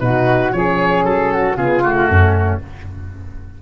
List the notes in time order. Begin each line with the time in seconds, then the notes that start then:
0.00 B2 D#4 F#4 B4
0.52 F3 C#4 G#4 C#5
1.05 F#3 A4
1.33 F#4
1.57 C#3 B3 F4 G#4
1.83 A3 F#4
2.10 F#2 C#4